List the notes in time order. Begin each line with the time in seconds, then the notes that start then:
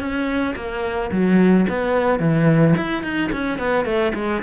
0.00 C#4
0.56 A#3
1.12 F#3
1.69 B3
2.20 E3
2.76 E4
3.04 D#4
3.32 C#4
3.59 B3
3.85 A3
4.15 G#3